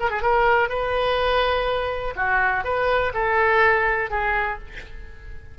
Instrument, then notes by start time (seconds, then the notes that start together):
oboe
0.00 A#4
0.11 G#4
0.23 A#4
0.69 B4
2.16 F#4
2.65 B4
3.14 A4
4.11 G#4